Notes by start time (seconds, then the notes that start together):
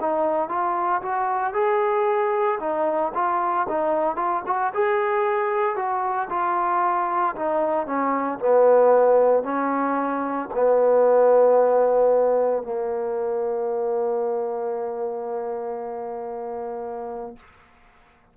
0.00 D#4
0.48 F4
1.01 F#4
1.53 G#4
2.59 D#4
3.14 F4
3.68 D#4
4.16 F4
4.46 F#4
4.74 G#4
5.76 F#4
6.29 F4
7.35 D#4
7.86 C#4
8.39 B3
9.43 C#4
10.54 B3
12.63 A#3